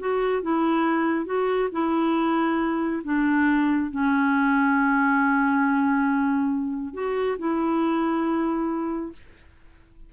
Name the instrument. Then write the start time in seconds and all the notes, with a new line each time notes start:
clarinet
0.00 F#4
0.43 E4
1.26 F#4
1.73 E4
3.04 D4
3.91 C#4
6.94 F#4
7.39 E4